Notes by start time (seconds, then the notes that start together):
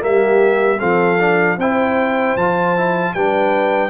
0.00 G3 A#3 G4 E5
0.79 F3 C4 A4 F5
1.19 D4
1.58 C4 E4 C5 G5
2.36 F3 F4 A5
2.77 E4
3.14 G3 D4 B4 G5